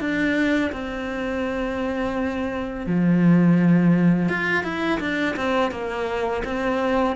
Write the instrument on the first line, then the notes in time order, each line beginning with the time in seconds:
cello
0.00 D4
0.72 C4
2.86 F3
4.29 F4
4.64 E4
5.00 D4
5.36 C4
5.71 A#3
6.44 C4